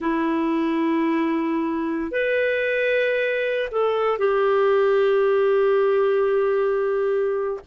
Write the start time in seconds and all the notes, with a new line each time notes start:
0.00 E4
2.11 B4
3.71 A4
4.18 G4